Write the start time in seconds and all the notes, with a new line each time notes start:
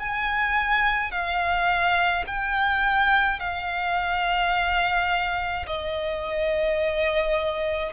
0.00 G#5
1.12 F5
2.27 G5
3.40 F5
5.67 D#5